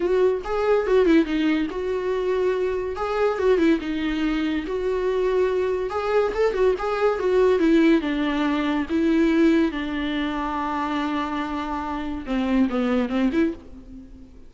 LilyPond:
\new Staff \with { instrumentName = "viola" } { \time 4/4 \tempo 4 = 142 fis'4 gis'4 fis'8 e'8 dis'4 | fis'2. gis'4 | fis'8 e'8 dis'2 fis'4~ | fis'2 gis'4 a'8 fis'8 |
gis'4 fis'4 e'4 d'4~ | d'4 e'2 d'4~ | d'1~ | d'4 c'4 b4 c'8 e'8 | }